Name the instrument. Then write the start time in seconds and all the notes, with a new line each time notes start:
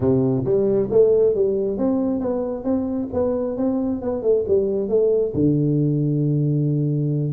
tuba
0.00 C3
0.44 G3
0.91 A3
1.34 G3
1.77 C4
2.20 B3
2.63 C4
3.13 B3
3.57 C4
4.01 B3
4.22 A3
4.47 G3
4.88 A3
5.33 D3